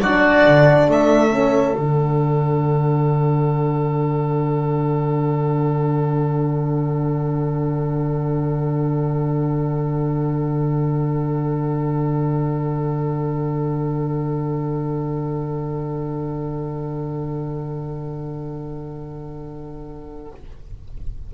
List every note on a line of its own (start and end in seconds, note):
0.00 0.44 F#3
0.00 1.31 D4
0.00 0.90 F#4
0.00 0.88 D5
0.46 0.87 D3
0.87 1.76 A3
0.87 20.31 A4
0.87 1.78 E5
1.31 1.75 C#4
1.78 20.31 D3
1.78 20.33 D4
1.78 20.31 F#5